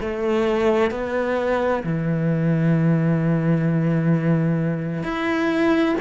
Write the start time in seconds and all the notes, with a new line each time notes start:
0.00 A3
0.91 B3
1.83 E3
5.03 E4